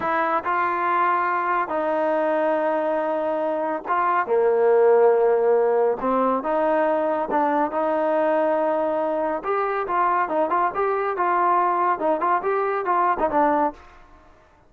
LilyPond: \new Staff \with { instrumentName = "trombone" } { \time 4/4 \tempo 4 = 140 e'4 f'2. | dis'1~ | dis'4 f'4 ais2~ | ais2 c'4 dis'4~ |
dis'4 d'4 dis'2~ | dis'2 g'4 f'4 | dis'8 f'8 g'4 f'2 | dis'8 f'8 g'4 f'8. dis'16 d'4 | }